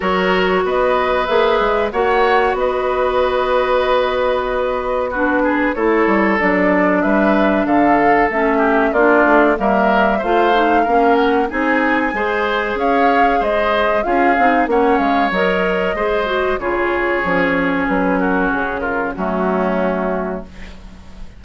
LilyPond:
<<
  \new Staff \with { instrumentName = "flute" } { \time 4/4 \tempo 4 = 94 cis''4 dis''4 e''4 fis''4 | dis''1 | b'4 cis''4 d''4 e''4 | f''4 e''4 d''4 e''4 |
f''4. fis''8 gis''2 | f''4 dis''4 f''4 fis''8 f''8 | dis''2 cis''2 | b'8 ais'8 gis'8 ais'8 fis'2 | }
  \new Staff \with { instrumentName = "oboe" } { \time 4/4 ais'4 b'2 cis''4 | b'1 | fis'8 gis'8 a'2 b'4 | a'4. g'8 f'4 ais'4 |
c''4 ais'4 gis'4 c''4 | cis''4 c''4 gis'4 cis''4~ | cis''4 c''4 gis'2~ | gis'8 fis'4 f'8 cis'2 | }
  \new Staff \with { instrumentName = "clarinet" } { \time 4/4 fis'2 gis'4 fis'4~ | fis'1 | d'4 e'4 d'2~ | d'4 cis'4 d'4 ais4 |
f'8 dis'8 cis'4 dis'4 gis'4~ | gis'2 f'8 dis'8 cis'4 | ais'4 gis'8 fis'8 f'4 cis'4~ | cis'2 a2 | }
  \new Staff \with { instrumentName = "bassoon" } { \time 4/4 fis4 b4 ais8 gis8 ais4 | b1~ | b4 a8 g8 fis4 g4 | d4 a4 ais8 a8 g4 |
a4 ais4 c'4 gis4 | cis'4 gis4 cis'8 c'8 ais8 gis8 | fis4 gis4 cis4 f4 | fis4 cis4 fis2 | }
>>